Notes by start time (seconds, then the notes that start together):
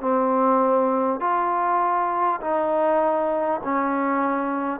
0.00 C4
1.20 F4
2.41 D#4
3.63 C#4